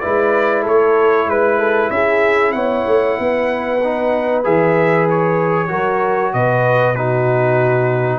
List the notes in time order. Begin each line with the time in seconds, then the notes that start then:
0.00 G#3 E4 B4 D5
0.63 A3 A4 C#5
1.26 G#3 B4
1.59 A4
1.90 C#4 G#4 E5
2.52 B3 C#5 F#5
2.86 A3
3.19 B3 B4
3.84 D#4
4.44 E3 G#4 E5
5.10 C#5
5.68 F#3 F#4 A#4
6.33 B2 B4 D#5
6.95 D#4 F#4 B4